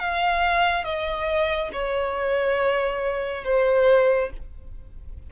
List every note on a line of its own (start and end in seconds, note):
0.00 0.85 F5
0.85 1.70 D#5
1.73 3.44 C#5
3.45 4.31 C5